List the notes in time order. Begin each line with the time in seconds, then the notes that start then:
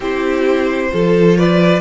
0.00 C4 E4 G4 C5
0.92 F3 F4 A4
1.37 B4 D5